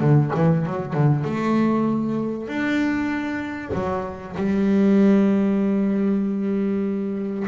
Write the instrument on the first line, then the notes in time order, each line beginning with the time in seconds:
double bass
0.00 D3
0.35 E3
0.65 F#3
0.93 D3
1.24 A3
2.47 D4
3.74 F#3
4.36 G3